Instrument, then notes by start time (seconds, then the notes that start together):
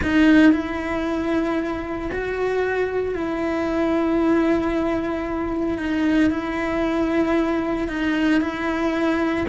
cello
0.02 D#4
0.52 E4
2.11 F#4
3.15 E4
5.78 D#4
6.30 E4
7.88 D#4
8.40 E4